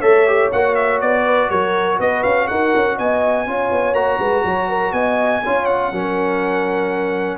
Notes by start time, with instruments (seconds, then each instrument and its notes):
0.00 tuba A3, trombone A4, horn C#5, trumpet E5
0.27 trombone G4
0.52 tuba A#3, trombone F#4, trumpet F#5
0.75 trumpet E5
1.01 tuba B3, trumpet D5
1.26 horn B4
1.50 tuba F#3, horn A#4, trumpet C#5
2.00 tuba B3, horn B4, trumpet D#5
2.23 tuba C#4, trumpet F5
2.48 tuba D#4, horn A#4, trumpet F#5
2.76 tuba C#4
2.98 tuba B3, horn D#5, trumpet G#5
3.47 tuba C#4, trombone F4, horn C#5
3.72 tuba B3
3.93 tuba A#3, trombone F#4, trumpet A#5
4.19 tuba G#3, horn B4
4.45 tuba F#3, horn C#5
4.69 horn A#4
4.93 tuba B3, horn D#5, trumpet G#5
5.44 tuba C#4, trombone F4, horn C#5
5.66 trumpet F#5
5.92 tuba F#3, trombone C#4, horn A#4